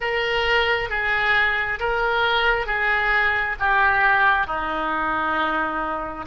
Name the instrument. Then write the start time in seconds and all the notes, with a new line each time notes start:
oboe
0.00 A#4
0.90 G#4
1.79 A#4
2.66 G#4
3.59 G4
4.46 D#4